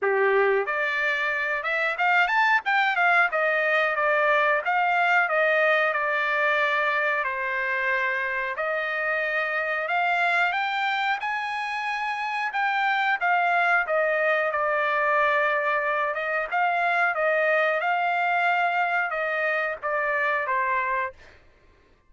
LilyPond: \new Staff \with { instrumentName = "trumpet" } { \time 4/4 \tempo 4 = 91 g'4 d''4. e''8 f''8 a''8 | g''8 f''8 dis''4 d''4 f''4 | dis''4 d''2 c''4~ | c''4 dis''2 f''4 |
g''4 gis''2 g''4 | f''4 dis''4 d''2~ | d''8 dis''8 f''4 dis''4 f''4~ | f''4 dis''4 d''4 c''4 | }